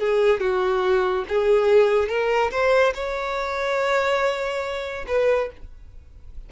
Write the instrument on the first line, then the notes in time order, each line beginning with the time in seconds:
violin
0.00 G#4
0.41 F#4
1.29 G#4
2.09 A#4
2.52 C5
2.95 C#5
5.08 B4